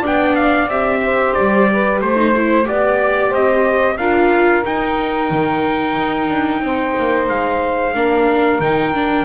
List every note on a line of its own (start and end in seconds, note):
0.00 0.67 B3
0.00 0.69 D4
0.00 0.99 D5
0.06 0.36 G5
0.36 0.69 F5
0.67 1.33 C4
0.67 2.16 G4
0.67 1.34 E5
1.05 1.71 C5
1.34 2.01 G3
1.34 2.00 D5
1.71 2.03 B4
2.01 2.67 A3
2.01 2.67 C5
2.01 2.68 C5
2.16 2.32 D#4
2.37 2.64 E4
2.64 3.32 B3
2.64 3.96 G4
2.64 3.34 D5
2.64 3.29 D5
3.29 3.98 C4
3.29 3.95 C5
3.29 3.98 D#5
3.98 4.64 D4
3.98 4.64 F4
3.98 6.62 A#4
3.98 4.64 F5
4.64 7.94 D#4
4.64 5.30 D#4
4.64 7.28 G5
5.30 5.96 D#3
5.96 6.29 D#4
6.30 6.61 D4
6.61 6.94 C4
6.61 7.95 C5
6.98 7.29 A#3
7.28 7.95 G#3
7.28 8.60 F5
7.95 8.60 A#3
7.95 8.61 D4
7.95 9.25 A#4
8.60 9.25 D#3
8.60 8.94 D#4
8.60 9.25 G5
8.94 9.25 D4